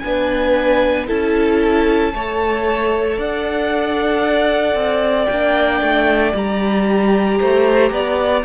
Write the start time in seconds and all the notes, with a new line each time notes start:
0.00 B3 D4 G#5
0.07 B4
1.07 C#4 E4 A4 A5
2.14 A3 A4 C#5
3.18 D4 D5 F#5
4.75 C4
5.25 A#3 G5
5.31 D4
5.81 A3
6.33 G3 G4 A#5
7.40 A3 C5
7.92 B3 D5